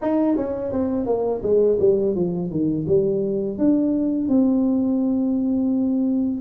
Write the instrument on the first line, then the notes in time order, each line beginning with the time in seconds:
tuba
0.01 D#4
0.36 C#4
0.71 C4
1.06 A#3
1.42 G#3
1.79 G3
2.15 F3
2.50 D#3
2.87 G3
3.58 D4
4.28 C4